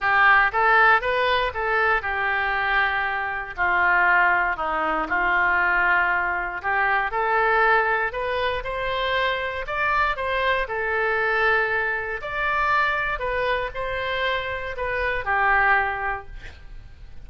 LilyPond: \new Staff \with { instrumentName = "oboe" } { \time 4/4 \tempo 4 = 118 g'4 a'4 b'4 a'4 | g'2. f'4~ | f'4 dis'4 f'2~ | f'4 g'4 a'2 |
b'4 c''2 d''4 | c''4 a'2. | d''2 b'4 c''4~ | c''4 b'4 g'2 | }